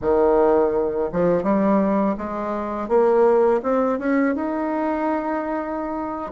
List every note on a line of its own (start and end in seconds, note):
0.01 1.10 D#3
1.12 1.43 F3
1.43 2.15 G3
2.17 2.88 G#3
2.88 3.60 A#3
3.62 3.99 C4
3.99 4.35 C#4
4.35 6.31 D#4